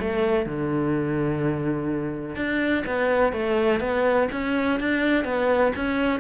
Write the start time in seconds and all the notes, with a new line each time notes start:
0.00 A3
0.46 D3
2.36 D4
2.87 B3
3.33 A3
3.81 B3
4.32 C#4
4.80 D4
5.25 B3
5.76 C#4